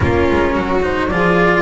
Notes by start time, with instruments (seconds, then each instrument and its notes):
0.00 double bass A#3, cello C#4, violin F4, flute A#4
0.30 double bass G#3
0.53 double bass F#3, violin F#4
0.82 cello D#4, flute C5
1.07 double bass F3, cello F4, violin G#4, flute D5